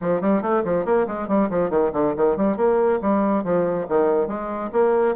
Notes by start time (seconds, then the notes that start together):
0.01 F3
0.21 G3
0.41 A3
0.64 F3
0.85 A#3
1.07 G#3
1.28 G3
1.50 F3
1.69 D#3
1.92 D3
2.16 D#3
2.36 G3
2.56 A#3
3.01 G3
3.44 F3
3.88 D#3
4.27 G#3
4.72 A#3